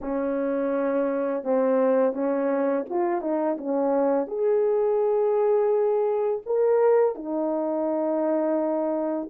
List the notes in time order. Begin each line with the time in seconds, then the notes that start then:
0.01 C#4
1.43 C4
2.13 C#4
2.89 F4
3.21 D#4
3.57 C#4
4.27 G#4
6.45 A#4
7.15 D#4